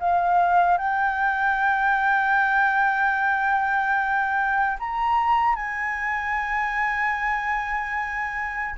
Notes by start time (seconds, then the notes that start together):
0.00 F5
0.78 G5
4.79 A#5
5.55 G#5